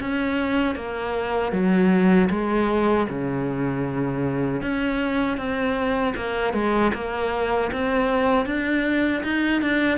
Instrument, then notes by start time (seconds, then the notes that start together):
cello
0.00 C#4
0.75 A#3
1.52 F#3
2.30 G#3
3.09 C#3
4.62 C#4
5.37 C4
6.16 A#3
6.53 G#3
6.94 A#3
7.72 C4
8.46 D4
9.23 D#4
9.62 D4